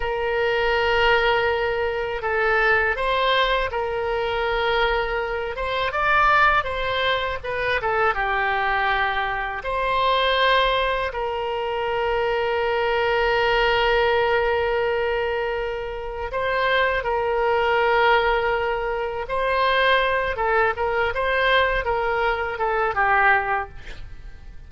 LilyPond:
\new Staff \with { instrumentName = "oboe" } { \time 4/4 \tempo 4 = 81 ais'2. a'4 | c''4 ais'2~ ais'8 c''8 | d''4 c''4 b'8 a'8 g'4~ | g'4 c''2 ais'4~ |
ais'1~ | ais'2 c''4 ais'4~ | ais'2 c''4. a'8 | ais'8 c''4 ais'4 a'8 g'4 | }